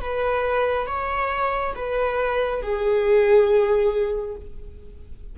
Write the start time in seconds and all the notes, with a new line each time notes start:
0.00 B4
0.87 C#5
1.75 B4
2.62 G#4